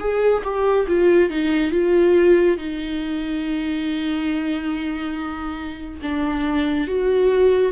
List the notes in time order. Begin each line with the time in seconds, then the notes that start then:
0.00 G#4
0.44 G4
0.88 F4
1.30 D#4
1.72 F4
2.58 D#4
6.03 D4
6.88 F#4